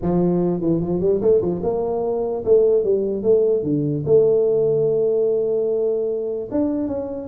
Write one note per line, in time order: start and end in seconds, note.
0.02 0.60 F3
0.60 0.80 E3
0.80 1.00 F3
1.00 1.20 G3
1.21 1.41 A3
1.41 1.61 F3
1.63 2.44 A#3
2.44 2.84 A3
2.84 3.22 G3
3.22 3.63 A3
3.63 4.03 D3
4.05 6.49 A3
6.51 6.87 D4
6.87 7.27 C#4